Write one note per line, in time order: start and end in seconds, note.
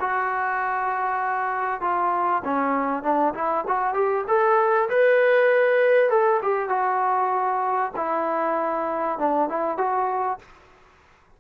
0.00 1.81 F#4
1.81 2.42 F4
2.44 3.03 C#4
3.03 3.34 D4
3.34 3.65 E4
3.68 3.94 F#4
3.94 4.24 G4
4.28 4.89 A4
4.90 6.10 B4
6.10 6.41 A4
6.42 6.69 G4
6.69 7.92 F#4
7.96 9.18 E4
9.18 9.49 D4
9.49 9.77 E4
9.77 10.39 F#4